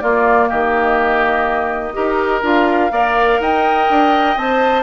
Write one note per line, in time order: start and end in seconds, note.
0.00 1.93 A#3
0.00 0.51 A#3
0.00 0.48 F4
0.00 0.48 D5
0.48 1.97 D#3
0.48 1.94 G4
0.48 2.43 D#5
1.93 2.43 D#4
1.93 2.42 G4
1.93 2.92 A#4
2.43 2.91 D4
2.43 2.91 F4
2.43 3.42 F5
2.91 3.40 A#3
2.91 4.36 A#4
2.91 3.41 D5
3.40 3.88 D#4
3.40 4.83 D#5
3.40 4.38 G5
3.90 4.36 D4
4.36 4.83 C4
4.36 4.83 C5
4.36 4.83 A5